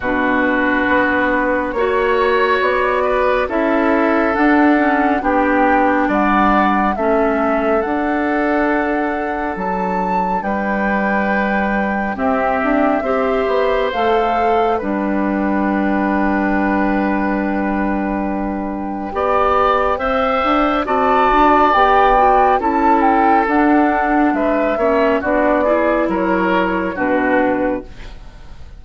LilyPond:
<<
  \new Staff \with { instrumentName = "flute" } { \time 4/4 \tempo 4 = 69 b'2 cis''4 d''4 | e''4 fis''4 g''4 fis''4 | e''4 fis''2 a''4 | g''2 e''2 |
f''4 g''2.~ | g''1 | a''4 g''4 a''8 g''8 fis''4 | e''4 d''4 cis''4 b'4 | }
  \new Staff \with { instrumentName = "oboe" } { \time 4/4 fis'2 cis''4. b'8 | a'2 g'4 d''4 | a'1 | b'2 g'4 c''4~ |
c''4 b'2.~ | b'2 d''4 e''4 | d''2 a'2 | b'8 cis''8 fis'8 gis'8 ais'4 fis'4 | }
  \new Staff \with { instrumentName = "clarinet" } { \time 4/4 d'2 fis'2 | e'4 d'8 cis'8 d'2 | cis'4 d'2.~ | d'2 c'4 g'4 |
a'4 d'2.~ | d'2 g'4 c''4 | fis'4 g'8 fis'8 e'4 d'4~ | d'8 cis'8 d'8 e'4. d'4 | }
  \new Staff \with { instrumentName = "bassoon" } { \time 4/4 b,4 b4 ais4 b4 | cis'4 d'4 b4 g4 | a4 d'2 fis4 | g2 c'8 d'8 c'8 b8 |
a4 g2.~ | g2 b4 c'8 d'8 | c'8 d'8 b4 cis'4 d'4 | gis8 ais8 b4 fis4 b,4 | }
>>